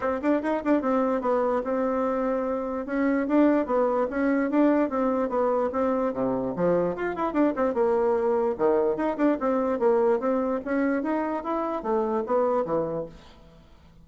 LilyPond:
\new Staff \with { instrumentName = "bassoon" } { \time 4/4 \tempo 4 = 147 c'8 d'8 dis'8 d'8 c'4 b4 | c'2. cis'4 | d'4 b4 cis'4 d'4 | c'4 b4 c'4 c4 |
f4 f'8 e'8 d'8 c'8 ais4~ | ais4 dis4 dis'8 d'8 c'4 | ais4 c'4 cis'4 dis'4 | e'4 a4 b4 e4 | }